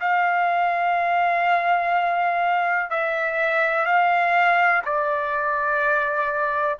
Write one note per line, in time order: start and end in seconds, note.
0.00 2.90 F5
2.90 3.86 E5
3.86 4.83 F5
4.85 6.78 D5